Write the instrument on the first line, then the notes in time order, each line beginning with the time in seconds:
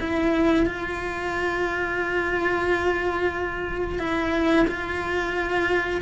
cello
0.00 E4
0.66 F4
3.99 E4
4.68 F4